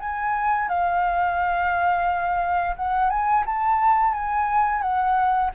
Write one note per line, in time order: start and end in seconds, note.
0.00 0.69 G#5
0.69 2.76 F5
2.76 3.10 F#5
3.10 3.45 G#5
3.46 4.14 A5
4.14 4.82 G#5
4.82 5.51 F#5